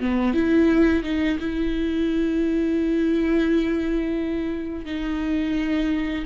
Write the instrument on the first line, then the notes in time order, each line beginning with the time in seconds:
viola
0.00 B3
0.34 E4
1.03 D#4
1.40 E4
4.85 D#4